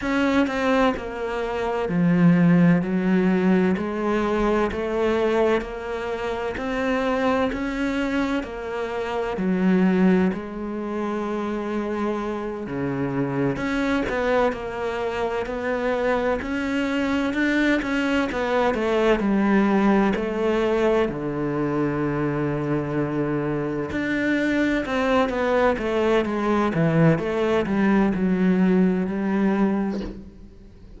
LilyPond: \new Staff \with { instrumentName = "cello" } { \time 4/4 \tempo 4 = 64 cis'8 c'8 ais4 f4 fis4 | gis4 a4 ais4 c'4 | cis'4 ais4 fis4 gis4~ | gis4. cis4 cis'8 b8 ais8~ |
ais8 b4 cis'4 d'8 cis'8 b8 | a8 g4 a4 d4.~ | d4. d'4 c'8 b8 a8 | gis8 e8 a8 g8 fis4 g4 | }